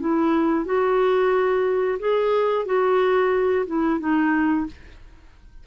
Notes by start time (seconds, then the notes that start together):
0.00 E4
0.65 F#4
1.99 G#4
2.65 F#4
3.66 E4
3.99 D#4